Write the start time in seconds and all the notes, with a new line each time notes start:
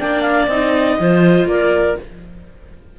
0.00 A#3 D4 D5 G5
0.22 F5
0.48 C4 D#4 D#5
1.00 F3 F4 C5
1.45 A#3 A#4 D5